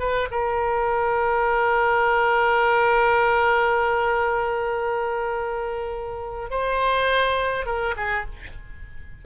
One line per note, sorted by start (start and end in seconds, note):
0.00 0.29 B4
0.31 6.51 A#4
6.51 7.66 C5
7.66 7.95 A#4
7.97 8.26 G#4